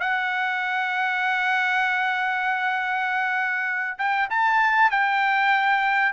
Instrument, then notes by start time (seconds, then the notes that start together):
trumpet
0.00 F#5
3.98 G5
4.30 A5
4.91 G5